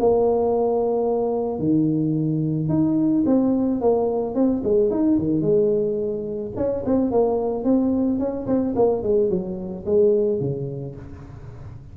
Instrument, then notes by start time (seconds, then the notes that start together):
tuba
0.00 A#3
1.59 D#3
2.69 D#4
3.27 C4
3.81 A#3
4.35 C4
4.64 G#3
4.91 D#4
5.19 D#3
5.42 G#3
6.57 C#4
6.86 C4
7.12 A#3
7.65 C4
8.20 C#4
8.47 C4
8.76 A#3
9.04 G#3
9.30 F#3
9.86 G#3
10.41 C#3